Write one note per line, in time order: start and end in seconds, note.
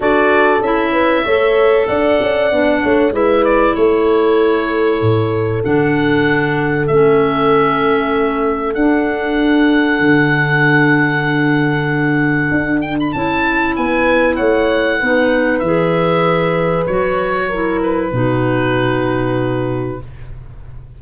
0.00 0.60 D4
0.00 0.59 F#4
0.00 0.92 A4
0.00 0.62 D5
0.60 1.23 C#4
0.60 1.26 E4
0.60 1.87 E5
0.92 1.23 B4
1.24 1.88 A3
1.24 2.52 A4
1.24 1.87 C#5
1.87 2.20 D4
1.87 2.82 D5
1.87 3.12 F#5
2.21 2.51 C#4
2.51 2.83 B3
2.51 3.12 D4
2.82 3.11 A3
2.82 3.14 C#5
3.11 3.73 G#3
3.11 5.62 E4
3.11 3.76 B4
3.11 3.44 E5
3.44 3.75 D5
3.75 5.01 A3
3.75 13.76 A4
3.75 5.62 C#5
5.01 5.63 A2
5.63 6.88 D3
5.63 6.88 D4
5.63 6.87 F#5
6.87 8.75 A3
6.87 8.76 C#4
6.87 8.74 E5
8.74 9.99 D4
8.74 13.14 D4
8.74 12.80 F#5
9.99 12.49 D3
12.51 13.13 D4
12.81 12.96 G5
12.99 13.12 B5
13.12 13.77 C#4
13.12 15.01 E4
13.12 13.74 A5
13.76 14.39 B3
13.76 14.36 B4
13.76 14.36 G#5
14.36 15.02 A3
14.36 14.98 C#5
14.36 15.59 F#5
14.99 15.61 B3
14.99 15.63 D#4
14.99 17.48 B4
15.59 16.86 E3
15.59 16.88 G#4
15.59 16.84 E5
16.86 18.12 F#3
16.86 17.51 F#4
16.86 17.80 C#5
17.48 18.11 E4
17.48 18.11 A#4
17.82 20.01 B4
18.11 19.99 B2
18.11 19.99 D#4
18.11 20.02 F#4